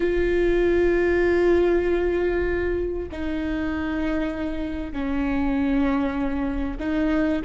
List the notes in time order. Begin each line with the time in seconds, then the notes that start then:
0.00 F4
3.11 D#4
4.92 C#4
6.79 D#4